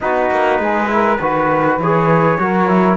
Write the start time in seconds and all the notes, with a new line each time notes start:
0.00 B3 D#4 F#4 B4
0.30 A#3
0.59 G#3 G#4
0.87 E4 A#4
1.20 D#3 F#4 B4
1.77 E3 G#4 C#5
2.38 F#3 F#4 A#4
2.68 E4